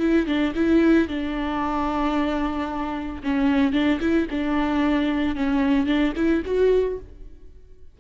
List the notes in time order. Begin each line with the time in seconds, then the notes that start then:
0.00 E4
0.27 D4
0.55 E4
1.08 D4
3.23 C#4
3.73 D4
4.01 E4
4.31 D4
5.36 C#4
5.87 D4
6.16 E4
6.46 F#4